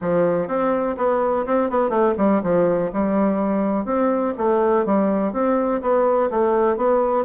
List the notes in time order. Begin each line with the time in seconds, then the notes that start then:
0.01 F3
0.47 C4
0.97 B3
1.46 C4
1.70 B3
1.89 A3
2.17 G3
2.42 F3
2.93 G3
3.85 C4
4.37 A3
4.85 G3
5.32 C4
5.81 B3
6.30 A3
6.77 B3